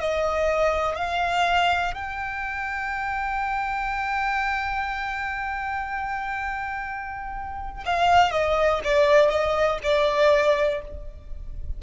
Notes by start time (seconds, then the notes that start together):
0.00 D#5
0.97 F5
1.94 G5
7.86 F5
8.32 D#5
8.84 D5
9.30 D#5
9.83 D5